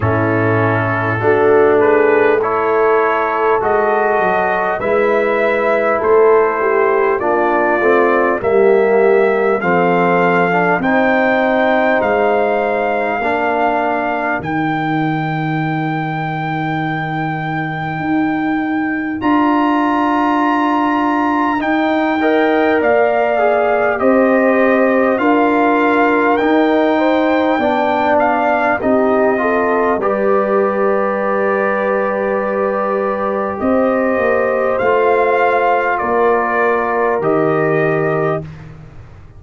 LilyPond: <<
  \new Staff \with { instrumentName = "trumpet" } { \time 4/4 \tempo 4 = 50 a'4. b'8 cis''4 dis''4 | e''4 c''4 d''4 e''4 | f''4 g''4 f''2 | g''1 |
ais''2 g''4 f''4 | dis''4 f''4 g''4. f''8 | dis''4 d''2. | dis''4 f''4 d''4 dis''4 | }
  \new Staff \with { instrumentName = "horn" } { \time 4/4 e'4 fis'8 gis'8 a'2 | b'4 a'8 g'8 f'4 g'4 | a'4 c''2 ais'4~ | ais'1~ |
ais'2~ ais'8 dis''8 d''4 | c''4 ais'4. c''8 d''4 | g'8 a'8 b'2. | c''2 ais'2 | }
  \new Staff \with { instrumentName = "trombone" } { \time 4/4 cis'4 d'4 e'4 fis'4 | e'2 d'8 c'8 ais4 | c'8. d'16 dis'2 d'4 | dis'1 |
f'2 dis'8 ais'4 gis'8 | g'4 f'4 dis'4 d'4 | dis'8 f'8 g'2.~ | g'4 f'2 g'4 | }
  \new Staff \with { instrumentName = "tuba" } { \time 4/4 a,4 a2 gis8 fis8 | gis4 a4 ais8 a8 g4 | f4 c'4 gis4 ais4 | dis2. dis'4 |
d'2 dis'4 ais4 | c'4 d'4 dis'4 b4 | c'4 g2. | c'8 ais8 a4 ais4 dis4 | }
>>